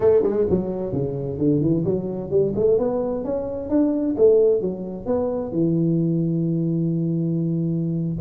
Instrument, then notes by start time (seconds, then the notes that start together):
tuba
0.00 A3
0.23 G#3
0.50 F#3
0.93 C#3
1.38 D3
1.61 E3
1.84 F#3
2.30 G3
2.55 A3
2.78 B3
3.24 C#4
3.69 D4
4.17 A3
4.61 F#3
5.06 B3
5.52 E3